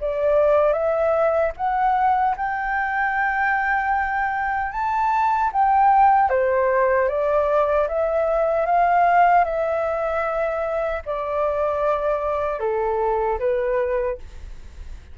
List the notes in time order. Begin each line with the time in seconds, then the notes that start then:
0.00 D5
0.72 E5
1.57 F#5
2.36 G5
4.72 A5
5.52 G5
6.29 C5
7.08 D5
7.88 E5
8.66 F5
9.44 E5
11.06 D5
12.60 A4
13.39 B4